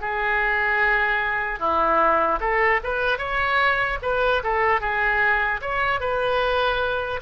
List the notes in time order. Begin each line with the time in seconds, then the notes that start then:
0.00 G#4
1.59 E4
2.40 A4
2.83 B4
3.18 C#5
4.02 B4
4.43 A4
4.80 G#4
5.61 C#5
6.00 B4